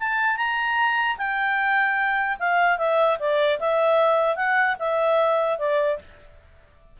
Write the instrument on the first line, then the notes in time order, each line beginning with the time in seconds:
clarinet
0.00 A5
0.37 A#5
1.18 G5
2.39 F5
2.78 E5
3.20 D5
3.60 E5
4.36 F#5
4.79 E5
5.59 D5